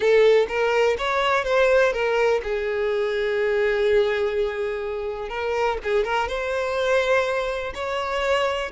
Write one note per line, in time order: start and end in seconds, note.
0.00 0.46 A4
0.48 0.96 A#4
0.98 1.44 C#5
1.44 1.92 C5
1.92 2.41 A#4
2.43 5.29 G#4
5.29 5.77 A#4
5.83 6.04 G#4
6.04 6.27 A#4
6.27 7.73 C5
7.74 8.71 C#5